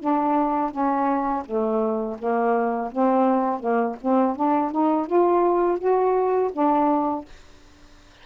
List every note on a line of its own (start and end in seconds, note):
0.00 0.72 D4
0.72 1.44 C#4
1.46 2.18 A3
2.19 2.92 A#3
2.92 3.60 C4
3.60 3.96 A#3
4.02 4.36 C4
4.36 4.72 D4
4.72 5.07 D#4
5.07 5.79 F4
5.79 6.51 F#4
6.53 7.26 D4